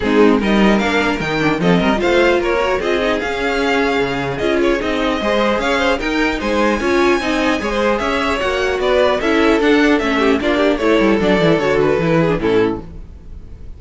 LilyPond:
<<
  \new Staff \with { instrumentName = "violin" } { \time 4/4 \tempo 4 = 150 gis'4 dis''4 f''4 g''4 | dis''4 f''4 cis''4 dis''4 | f''2. dis''8 cis''8 | dis''2 f''4 g''4 |
gis''1 | e''4 fis''4 d''4 e''4 | fis''4 e''4 d''4 cis''4 | d''4 cis''8 b'4. a'4 | }
  \new Staff \with { instrumentName = "violin" } { \time 4/4 dis'4 ais'2. | a'8 ais'8 c''4 ais'4 gis'4~ | gis'1~ | gis'4 c''4 cis''8 c''8 ais'4 |
c''4 cis''4 dis''4 cis''16 c''8. | cis''2 b'4 a'4~ | a'4. g'8 f'8 g'8 a'4~ | a'2~ a'8 gis'8 e'4 | }
  \new Staff \with { instrumentName = "viola" } { \time 4/4 c'4 dis'4 d'4 dis'8 d'8 | c'4 f'4. fis'8 f'8 dis'8 | cis'2. f'4 | dis'4 gis'2 dis'4~ |
dis'4 f'4 dis'4 gis'4~ | gis'4 fis'2 e'4 | d'4 cis'4 d'4 e'4 | d'8 e'8 fis'4 e'8. d'16 cis'4 | }
  \new Staff \with { instrumentName = "cello" } { \time 4/4 gis4 g4 ais4 dis4 | f8 g8 a4 ais4 c'4 | cis'2 cis4 cis'4 | c'4 gis4 cis'4 dis'4 |
gis4 cis'4 c'4 gis4 | cis'4 ais4 b4 cis'4 | d'4 a4 ais4 a8 g8 | fis8 e8 d4 e4 a,4 | }
>>